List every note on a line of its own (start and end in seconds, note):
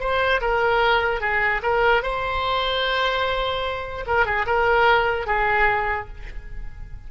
0.00 0.41 C5
0.41 1.21 A#4
1.21 1.61 G#4
1.63 2.03 A#4
2.03 4.05 C5
4.07 4.26 A#4
4.26 4.46 G#4
4.46 5.27 A#4
5.27 6.08 G#4